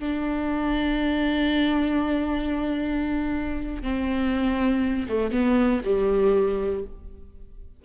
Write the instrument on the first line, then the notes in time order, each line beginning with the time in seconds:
viola
0.00 D4
3.83 C4
5.09 A3
5.32 B3
5.85 G3